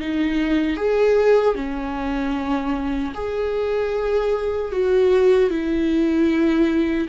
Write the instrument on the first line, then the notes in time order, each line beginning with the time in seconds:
viola
0.00 D#4
0.77 G#4
1.55 C#4
3.15 G#4
4.72 F#4
5.50 E4